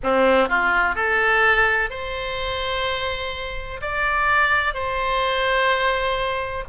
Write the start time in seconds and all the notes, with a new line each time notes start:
0.03 C4
0.48 F4
0.95 A4
1.90 C5
3.81 D5
4.74 C5